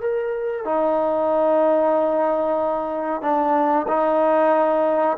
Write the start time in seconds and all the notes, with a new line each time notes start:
0.00 A#4
0.65 D#4
3.21 D4
3.88 D#4